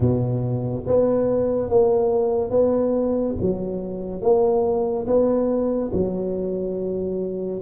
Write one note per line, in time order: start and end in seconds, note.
0.00 0.85 B2
0.86 1.69 B3
1.69 2.50 A#3
2.50 3.35 B3
3.41 4.21 F#3
4.21 5.06 A#3
5.06 5.91 B3
5.92 7.61 F#3